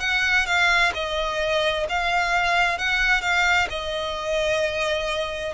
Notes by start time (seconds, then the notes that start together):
0.00 F#5
0.46 F5
0.94 D#5
1.89 F5
2.78 F#5
3.21 F5
3.70 D#5